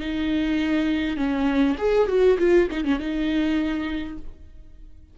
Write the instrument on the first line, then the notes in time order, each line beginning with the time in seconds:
viola
0.00 D#4
1.17 C#4
1.78 G#4
2.08 F#4
2.38 F4
2.71 D#4
2.84 C#4
2.99 D#4